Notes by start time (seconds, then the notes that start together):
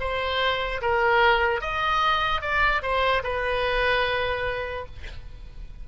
0.00 C5
0.81 A#4
1.61 D#5
2.41 D5
2.82 C5
3.24 B4